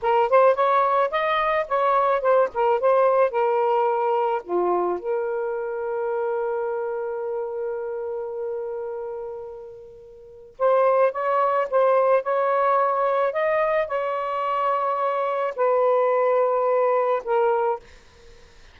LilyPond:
\new Staff \with { instrumentName = "saxophone" } { \time 4/4 \tempo 4 = 108 ais'8 c''8 cis''4 dis''4 cis''4 | c''8 ais'8 c''4 ais'2 | f'4 ais'2.~ | ais'1~ |
ais'2. c''4 | cis''4 c''4 cis''2 | dis''4 cis''2. | b'2. ais'4 | }